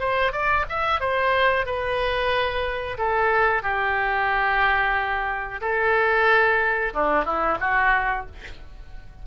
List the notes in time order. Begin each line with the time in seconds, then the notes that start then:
0.00 C5
0.33 D5
0.69 E5
1.00 C5
1.66 B4
2.98 A4
3.63 G4
5.61 A4
6.94 D4
7.25 E4
7.61 F#4